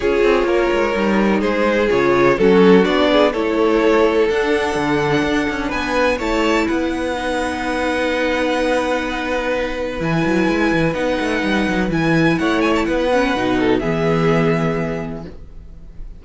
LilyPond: <<
  \new Staff \with { instrumentName = "violin" } { \time 4/4 \tempo 4 = 126 cis''2. c''4 | cis''4 a'4 d''4 cis''4~ | cis''4 fis''2. | gis''4 a''4 fis''2~ |
fis''1~ | fis''4 gis''2 fis''4~ | fis''4 gis''4 fis''8 gis''16 a''16 fis''4~ | fis''4 e''2. | }
  \new Staff \with { instrumentName = "violin" } { \time 4/4 gis'4 ais'2 gis'4~ | gis'4 fis'4. gis'8 a'4~ | a'1 | b'4 cis''4 b'2~ |
b'1~ | b'1~ | b'2 cis''4 b'4~ | b'8 a'8 gis'2. | }
  \new Staff \with { instrumentName = "viola" } { \time 4/4 f'2 dis'2 | f'4 cis'4 d'4 e'4~ | e'4 d'2.~ | d'4 e'2 dis'4~ |
dis'1~ | dis'4 e'2 dis'4~ | dis'4 e'2~ e'8 cis'8 | dis'4 b2. | }
  \new Staff \with { instrumentName = "cello" } { \time 4/4 cis'8 c'8 ais8 gis8 g4 gis4 | cis4 fis4 b4 a4~ | a4 d'4 d4 d'8 cis'8 | b4 a4 b2~ |
b1~ | b4 e8 fis8 gis8 e8 b8 a8 | g8 fis8 e4 a4 b4 | b,4 e2. | }
>>